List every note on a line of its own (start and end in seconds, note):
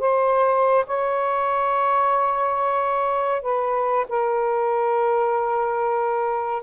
0.00 0.86 C5
0.87 3.42 C#5
3.42 4.07 B4
4.09 6.64 A#4